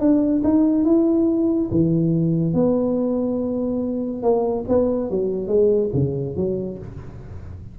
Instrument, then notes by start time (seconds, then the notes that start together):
tuba
0.00 D4
0.44 D#4
0.85 E4
1.71 E3
2.54 B3
4.23 A#3
4.69 B3
5.11 F#3
5.48 G#3
5.94 C#3
6.36 F#3